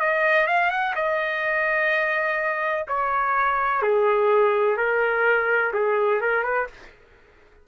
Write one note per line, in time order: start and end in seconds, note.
0.00 0.47 D#5
0.47 0.71 F5
0.71 0.94 F#5
0.96 2.86 D#5
2.88 3.82 C#5
3.82 4.77 G#4
4.77 5.72 A#4
5.74 6.21 G#4
6.21 6.43 A#4
6.43 6.67 B4